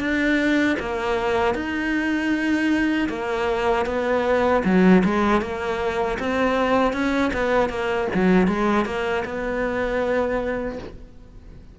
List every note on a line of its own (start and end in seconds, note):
0.00 0.77 D4
0.80 1.55 A#3
1.55 3.09 D#4
3.09 3.86 A#3
3.86 4.63 B3
4.65 5.03 F#3
5.05 5.42 G#3
5.42 6.19 A#3
6.20 6.93 C4
6.93 7.32 C#4
7.34 7.70 B3
7.70 8.08 A#3
8.14 8.48 F#3
8.48 8.86 G#3
8.86 9.24 A#3
9.26 10.79 B3